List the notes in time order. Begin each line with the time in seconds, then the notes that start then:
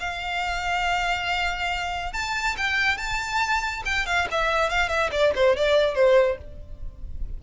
0.00 F5
2.13 A5
2.57 G5
2.97 A5
3.86 G5
4.06 F5
4.31 E5
4.69 F5
4.89 E5
5.12 D5
5.36 C5
5.56 D5
5.95 C5